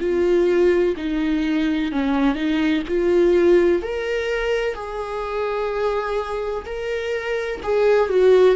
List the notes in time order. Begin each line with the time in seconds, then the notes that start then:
0.00 F4
0.97 D#4
1.92 C#4
2.35 D#4
2.88 F4
3.83 A#4
4.75 G#4
6.66 A#4
7.63 G#4
8.10 F#4